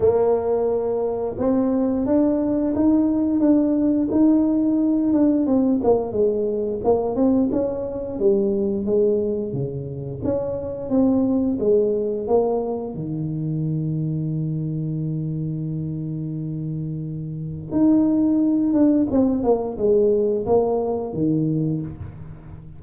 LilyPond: \new Staff \with { instrumentName = "tuba" } { \time 4/4 \tempo 4 = 88 ais2 c'4 d'4 | dis'4 d'4 dis'4. d'8 | c'8 ais8 gis4 ais8 c'8 cis'4 | g4 gis4 cis4 cis'4 |
c'4 gis4 ais4 dis4~ | dis1~ | dis2 dis'4. d'8 | c'8 ais8 gis4 ais4 dis4 | }